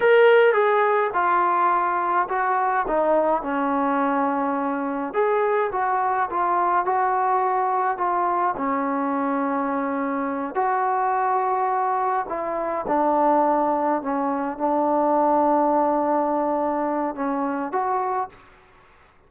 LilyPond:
\new Staff \with { instrumentName = "trombone" } { \time 4/4 \tempo 4 = 105 ais'4 gis'4 f'2 | fis'4 dis'4 cis'2~ | cis'4 gis'4 fis'4 f'4 | fis'2 f'4 cis'4~ |
cis'2~ cis'8 fis'4.~ | fis'4. e'4 d'4.~ | d'8 cis'4 d'2~ d'8~ | d'2 cis'4 fis'4 | }